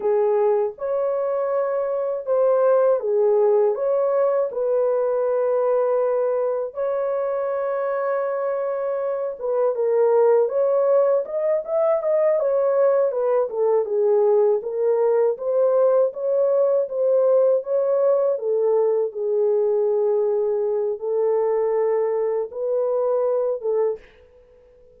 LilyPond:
\new Staff \with { instrumentName = "horn" } { \time 4/4 \tempo 4 = 80 gis'4 cis''2 c''4 | gis'4 cis''4 b'2~ | b'4 cis''2.~ | cis''8 b'8 ais'4 cis''4 dis''8 e''8 |
dis''8 cis''4 b'8 a'8 gis'4 ais'8~ | ais'8 c''4 cis''4 c''4 cis''8~ | cis''8 a'4 gis'2~ gis'8 | a'2 b'4. a'8 | }